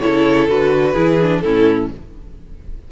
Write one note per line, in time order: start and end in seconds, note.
0.00 0.49 E4
0.00 0.92 A4
0.00 0.47 C#5
0.06 0.49 C#3
0.49 0.96 D3
0.49 0.95 F#4
0.49 1.40 B4
0.92 1.43 E3
0.92 1.19 E4
0.92 1.39 G#4
1.21 1.45 D4
1.40 1.91 A2
1.40 1.92 C#4
1.40 1.91 E4
1.40 1.87 A4